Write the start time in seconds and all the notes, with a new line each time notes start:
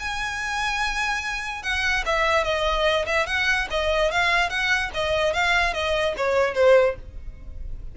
0.00 G#5
1.63 F#5
2.06 E5
2.44 D#5
3.06 E5
3.27 F#5
3.71 D#5
4.11 F5
4.50 F#5
4.94 D#5
5.33 F5
5.74 D#5
6.17 C#5
6.55 C5